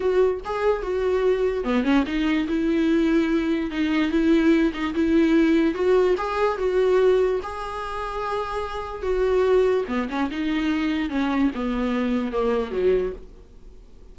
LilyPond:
\new Staff \with { instrumentName = "viola" } { \time 4/4 \tempo 4 = 146 fis'4 gis'4 fis'2 | b8 cis'8 dis'4 e'2~ | e'4 dis'4 e'4. dis'8 | e'2 fis'4 gis'4 |
fis'2 gis'2~ | gis'2 fis'2 | b8 cis'8 dis'2 cis'4 | b2 ais4 fis4 | }